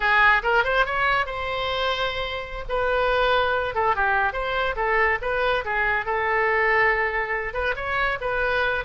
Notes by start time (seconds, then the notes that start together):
0.00 G#4
0.42 A#4
0.64 C5
0.85 C#5
1.26 C5
2.68 B4
3.74 A4
3.95 G4
4.32 C5
4.76 A4
5.21 B4
5.64 G#4
6.05 A4
7.53 B4
7.76 C#5
8.21 B4